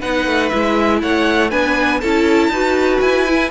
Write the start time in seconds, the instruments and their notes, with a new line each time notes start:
0.00 cello B3, viola D#4, violin B4 F#5
0.27 cello A3
0.50 cello G#3, viola E4, violin E5
1.02 cello A3, violin C#5 F#5
1.50 cello B3, viola D4, violin B4 G#5
2.01 cello C#4, viola E4, violin A4 A5
2.49 cello D#4, viola F#4, violin B4
3.01 cello E4, violin G#5
3.28 viola E4